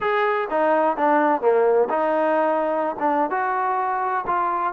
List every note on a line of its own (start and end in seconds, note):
0.00 0.48 G#4
0.50 0.96 D#4
0.96 1.41 D4
1.41 1.88 A#3
1.89 2.95 D#4
2.99 3.30 D4
3.30 4.25 F#4
4.26 4.73 F4